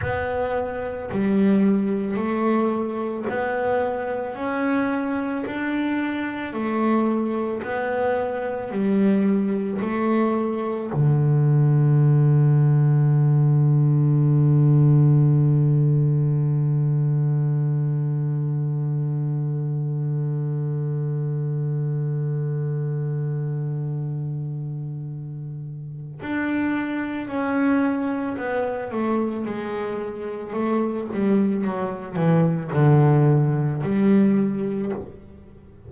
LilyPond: \new Staff \with { instrumentName = "double bass" } { \time 4/4 \tempo 4 = 55 b4 g4 a4 b4 | cis'4 d'4 a4 b4 | g4 a4 d2~ | d1~ |
d1~ | d1 | d'4 cis'4 b8 a8 gis4 | a8 g8 fis8 e8 d4 g4 | }